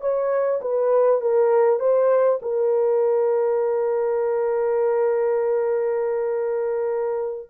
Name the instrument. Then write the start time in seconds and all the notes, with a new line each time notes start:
horn
0.00 C#5
0.61 B4
1.21 A#4
1.79 C5
2.42 A#4